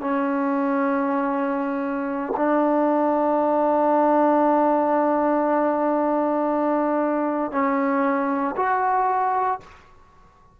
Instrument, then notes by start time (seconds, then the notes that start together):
trombone
0.00 C#4
2.36 D4
7.51 C#4
8.56 F#4